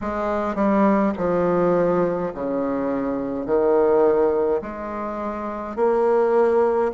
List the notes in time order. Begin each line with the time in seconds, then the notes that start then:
0.01 G#3
0.55 G3
1.17 F3
2.33 C#3
3.46 D#3
4.61 G#3
5.76 A#3